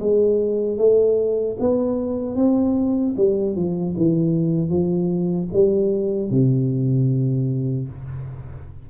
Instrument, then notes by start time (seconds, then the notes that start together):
tuba
0.00 G#3
0.78 A3
1.60 B3
2.36 C4
3.17 G3
3.56 F3
3.97 E3
4.70 F3
5.53 G3
6.31 C3